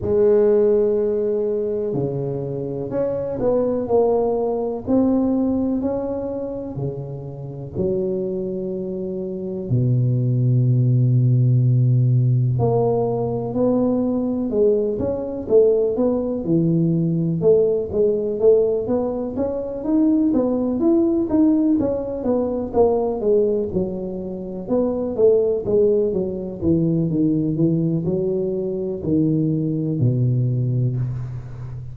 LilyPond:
\new Staff \with { instrumentName = "tuba" } { \time 4/4 \tempo 4 = 62 gis2 cis4 cis'8 b8 | ais4 c'4 cis'4 cis4 | fis2 b,2~ | b,4 ais4 b4 gis8 cis'8 |
a8 b8 e4 a8 gis8 a8 b8 | cis'8 dis'8 b8 e'8 dis'8 cis'8 b8 ais8 | gis8 fis4 b8 a8 gis8 fis8 e8 | dis8 e8 fis4 dis4 b,4 | }